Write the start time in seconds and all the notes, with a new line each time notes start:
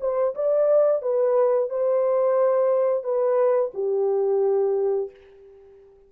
0.00 C5
0.34 D5
1.01 B4
1.69 C5
3.03 B4
3.74 G4